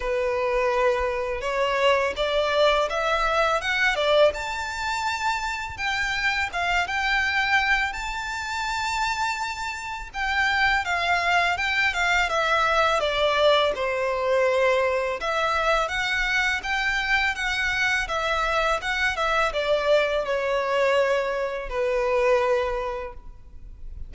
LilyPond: \new Staff \with { instrumentName = "violin" } { \time 4/4 \tempo 4 = 83 b'2 cis''4 d''4 | e''4 fis''8 d''8 a''2 | g''4 f''8 g''4. a''4~ | a''2 g''4 f''4 |
g''8 f''8 e''4 d''4 c''4~ | c''4 e''4 fis''4 g''4 | fis''4 e''4 fis''8 e''8 d''4 | cis''2 b'2 | }